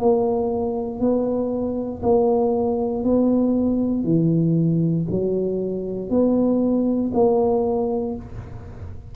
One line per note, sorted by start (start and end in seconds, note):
0.00 1.00 A#3
1.00 2.02 B3
2.03 3.04 A#3
3.04 4.04 B3
4.04 5.06 E3
5.10 6.10 F#3
6.10 7.12 B3
7.14 8.16 A#3